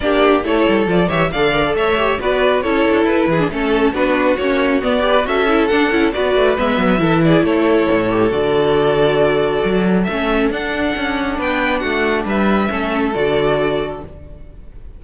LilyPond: <<
  \new Staff \with { instrumentName = "violin" } { \time 4/4 \tempo 4 = 137 d''4 cis''4 d''8 e''8 f''4 | e''4 d''4 cis''4 b'4 | a'4 b'4 cis''4 d''4 | e''4 fis''4 d''4 e''4~ |
e''8 d''8 cis''2 d''4~ | d''2. e''4 | fis''2 g''4 fis''4 | e''2 d''2 | }
  \new Staff \with { instrumentName = "violin" } { \time 4/4 g'4 a'4. cis''8 d''4 | cis''4 b'4 a'4. gis'8 | a'4 fis'2~ fis'8 b'8 | a'2 b'2 |
a'8 gis'8 a'2.~ | a'1~ | a'2 b'4 fis'4 | b'4 a'2. | }
  \new Staff \with { instrumentName = "viola" } { \time 4/4 d'4 e'4 f'8 g'8 a'8 ais'16 a'16~ | a'8 g'8 fis'4 e'4.~ e'16 d'16 | cis'4 d'4 cis'4 b8 g'8 | fis'8 e'8 d'8 e'8 fis'4 b4 |
e'2~ e'8 g'8 fis'4~ | fis'2. cis'4 | d'1~ | d'4 cis'4 fis'2 | }
  \new Staff \with { instrumentName = "cello" } { \time 4/4 ais4 a8 g8 f8 e8 d4 | a4 b4 cis'8 d'8 e'8 e8 | a4 b4 ais4 b4 | cis'4 d'8 cis'8 b8 a8 gis8 fis8 |
e4 a4 a,4 d4~ | d2 fis4 a4 | d'4 cis'4 b4 a4 | g4 a4 d2 | }
>>